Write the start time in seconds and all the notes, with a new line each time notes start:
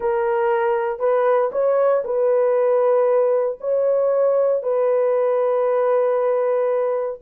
0.00 A#4
0.99 B4
1.52 C#5
2.04 B4
3.60 C#5
4.62 B4